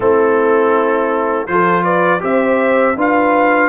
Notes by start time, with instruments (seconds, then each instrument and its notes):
0.00 tuba A3, trombone C4, horn E4, trumpet A4
1.46 tuba F3, trombone F4, horn A4, trumpet C5
1.83 horn B4, trumpet D5
2.19 tuba C4, trombone G4, horn C5, trumpet E5
2.96 tuba D4, trombone F4, horn B4, trumpet F5